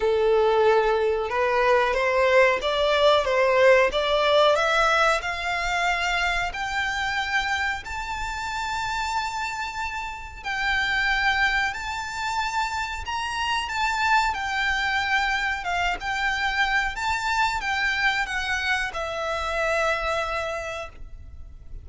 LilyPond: \new Staff \with { instrumentName = "violin" } { \time 4/4 \tempo 4 = 92 a'2 b'4 c''4 | d''4 c''4 d''4 e''4 | f''2 g''2 | a''1 |
g''2 a''2 | ais''4 a''4 g''2 | f''8 g''4. a''4 g''4 | fis''4 e''2. | }